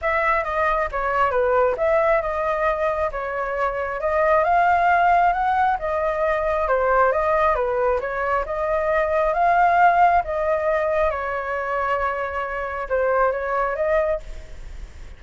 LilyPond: \new Staff \with { instrumentName = "flute" } { \time 4/4 \tempo 4 = 135 e''4 dis''4 cis''4 b'4 | e''4 dis''2 cis''4~ | cis''4 dis''4 f''2 | fis''4 dis''2 c''4 |
dis''4 b'4 cis''4 dis''4~ | dis''4 f''2 dis''4~ | dis''4 cis''2.~ | cis''4 c''4 cis''4 dis''4 | }